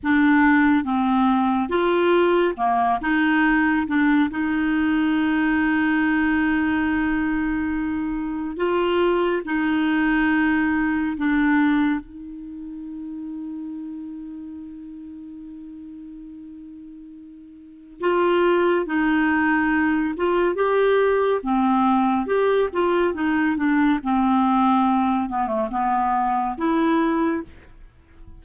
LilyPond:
\new Staff \with { instrumentName = "clarinet" } { \time 4/4 \tempo 4 = 70 d'4 c'4 f'4 ais8 dis'8~ | dis'8 d'8 dis'2.~ | dis'2 f'4 dis'4~ | dis'4 d'4 dis'2~ |
dis'1~ | dis'4 f'4 dis'4. f'8 | g'4 c'4 g'8 f'8 dis'8 d'8 | c'4. b16 a16 b4 e'4 | }